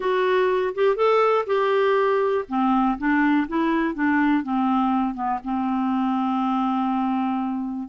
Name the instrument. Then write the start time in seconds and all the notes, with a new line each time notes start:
clarinet
0.00 F#4
0.74 G4
0.96 A4
1.46 G4
2.48 C4
2.98 D4
3.48 E4
3.94 D4
4.43 C4
5.14 B3
5.44 C4